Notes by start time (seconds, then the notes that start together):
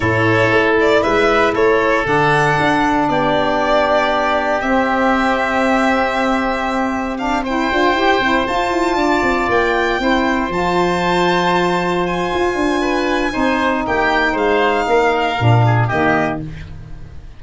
0.00 A2 E4 A4 C#5
0.51 A3
0.80 D5
1.02 G#3 B4 E5
1.53 A3 A4 C#5
2.03 D3 D4 F#5
2.59 D4
3.08 B3 G4 D5
4.60 C4 E5
7.17 D4 F5
7.42 E4 C5 G5
7.72 D4 F4
7.93 E4 G4
8.19 C4 E4
8.46 F4 A5
8.70 E4
8.95 D4 D5
9.22 C4
9.48 A#3 G5
9.98 C4 E4 C5
10.48 F3 F4 A5
12.06 G#5
12.33 F4
12.54 D4
12.80 B4
13.29 C4 D#4 C5
13.86 A#3 G4 G5
14.32 G#3 C5 F5
14.87 A#3 A#4
15.38 A#2 D4
15.65 G#4
15.87 D#3 A#3 G4 D#5